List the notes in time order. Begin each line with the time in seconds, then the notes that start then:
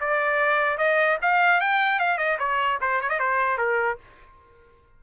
0.00 D5
0.78 D#5
1.22 F5
1.61 G5
1.99 F5
2.18 D#5
2.39 C#5
2.81 C5
3.01 C#5
3.09 D#5
3.19 C5
3.58 A#4